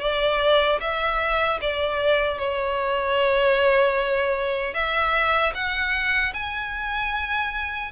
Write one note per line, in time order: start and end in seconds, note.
0.00 0.79 D5
0.80 1.59 E5
1.61 2.38 D5
2.38 4.73 C#5
4.73 5.52 E5
5.54 6.33 F#5
6.33 7.91 G#5